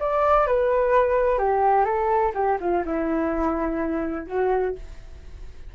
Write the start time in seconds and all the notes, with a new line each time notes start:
0.00 D5
0.47 B4
1.39 G4
1.85 A4
2.34 G4
2.60 F4
2.85 E4
4.27 F#4